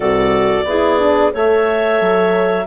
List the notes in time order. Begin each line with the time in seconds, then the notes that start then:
0.00 C2 F#4 A4 D5
0.64 B3 E4 G#4
0.99 D4
1.32 A3 A4 C#5 E5
2.00 F#3